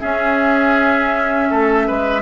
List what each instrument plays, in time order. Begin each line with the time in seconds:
0.00 clarinet C#4, bassoon C#4, oboe G#4, flute E5
1.50 bassoon A3, oboe A4
1.87 bassoon G#3, oboe B4